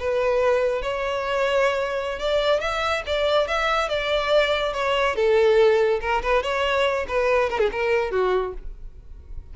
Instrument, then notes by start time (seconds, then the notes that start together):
violin
0.00 B4
0.82 C#5
2.19 D5
2.61 E5
3.07 D5
3.48 E5
3.89 D5
4.73 C#5
5.15 A4
6.01 A#4
6.22 B4
6.43 C#5
7.08 B4
7.50 A#4
7.60 G#4
7.72 A#4
8.11 F#4